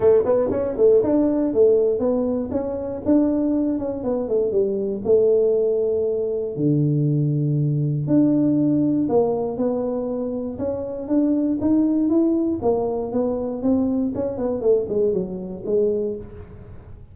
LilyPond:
\new Staff \with { instrumentName = "tuba" } { \time 4/4 \tempo 4 = 119 a8 b8 cis'8 a8 d'4 a4 | b4 cis'4 d'4. cis'8 | b8 a8 g4 a2~ | a4 d2. |
d'2 ais4 b4~ | b4 cis'4 d'4 dis'4 | e'4 ais4 b4 c'4 | cis'8 b8 a8 gis8 fis4 gis4 | }